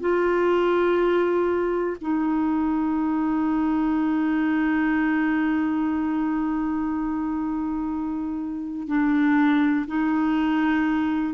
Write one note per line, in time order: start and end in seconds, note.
0.00 1.96 F4
2.00 8.87 D#4
8.87 9.85 D4
9.86 11.34 D#4